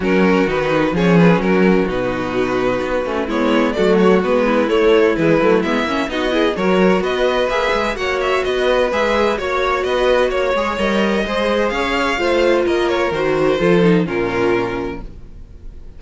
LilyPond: <<
  \new Staff \with { instrumentName = "violin" } { \time 4/4 \tempo 4 = 128 ais'4 b'4 cis''8 b'8 ais'4 | b'2. cis''4 | d''8 cis''8 b'4 cis''4 b'4 | e''4 dis''4 cis''4 dis''4 |
e''4 fis''8 e''8 dis''4 e''4 | cis''4 dis''4 cis''4 dis''4~ | dis''4 f''2 dis''8 cis''8 | c''2 ais'2 | }
  \new Staff \with { instrumentName = "violin" } { \time 4/4 fis'2 gis'4 fis'4~ | fis'2. e'4 | fis'4. e'2~ e'8~ | e'4 fis'8 gis'8 ais'4 b'4~ |
b'4 cis''4 b'2 | cis''4 b'4 cis''2 | c''4 cis''4 c''4 ais'4~ | ais'4 a'4 f'2 | }
  \new Staff \with { instrumentName = "viola" } { \time 4/4 cis'4 dis'4 cis'2 | dis'2~ dis'8 cis'8 b4 | a4 b4 a4 gis8 a8 | b8 cis'8 dis'8 e'8 fis'2 |
gis'4 fis'2 gis'4 | fis'2~ fis'8 gis'8 ais'4 | gis'2 f'2 | fis'4 f'8 dis'8 cis'2 | }
  \new Staff \with { instrumentName = "cello" } { \time 4/4 fis4 dis4 f4 fis4 | b,2 b8 a8 gis4 | fis4 gis4 a4 e8 fis8 | gis8 ais8 b4 fis4 b4 |
ais8 gis8 ais4 b4 gis4 | ais4 b4 ais8 gis8 g4 | gis4 cis'4 a4 ais4 | dis4 f4 ais,2 | }
>>